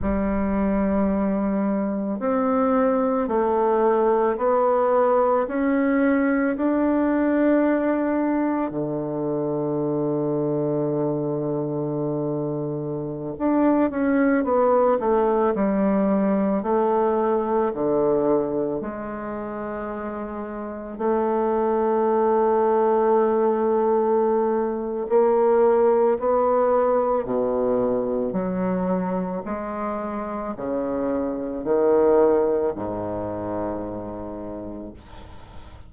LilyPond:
\new Staff \with { instrumentName = "bassoon" } { \time 4/4 \tempo 4 = 55 g2 c'4 a4 | b4 cis'4 d'2 | d1~ | d16 d'8 cis'8 b8 a8 g4 a8.~ |
a16 d4 gis2 a8.~ | a2. ais4 | b4 b,4 fis4 gis4 | cis4 dis4 gis,2 | }